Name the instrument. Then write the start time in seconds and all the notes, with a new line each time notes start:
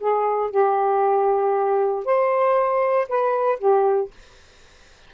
saxophone
0.00 G#4
0.51 G4
2.05 C5
3.09 B4
3.59 G4